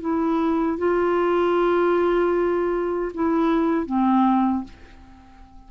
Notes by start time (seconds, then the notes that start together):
0.00 E4
0.78 F4
3.14 E4
3.86 C4